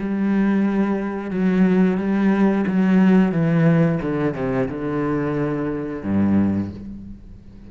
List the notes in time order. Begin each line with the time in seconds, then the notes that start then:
0.00 G3
1.31 F#3
1.98 G3
2.68 F#3
3.32 E3
4.02 D3
4.35 C3
4.69 D3
6.04 G2